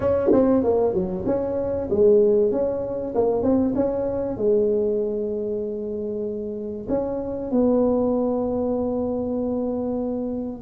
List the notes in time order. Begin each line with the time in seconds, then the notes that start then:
0.00 C#4
0.32 C4
0.63 A#3
0.93 F#3
1.26 C#4
1.89 G#3
2.51 C#4
3.14 A#3
3.42 C4
3.75 C#4
4.37 G#3
6.89 C#4
7.51 B3